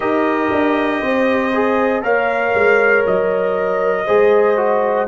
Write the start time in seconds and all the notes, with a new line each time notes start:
0.00 D#4 G4 A#4 D#5
0.51 D4
1.00 C4 C5
1.53 G#4
2.02 A#3 A#4 C#5 F5
2.54 G#3
3.06 F#3 D#5
4.06 G#3 G#4 C5
4.56 F#4